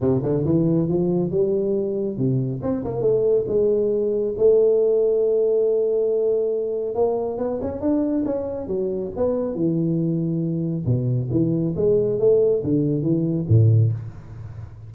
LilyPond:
\new Staff \with { instrumentName = "tuba" } { \time 4/4 \tempo 4 = 138 c8 d8 e4 f4 g4~ | g4 c4 c'8 ais8 a4 | gis2 a2~ | a1 |
ais4 b8 cis'8 d'4 cis'4 | fis4 b4 e2~ | e4 b,4 e4 gis4 | a4 d4 e4 a,4 | }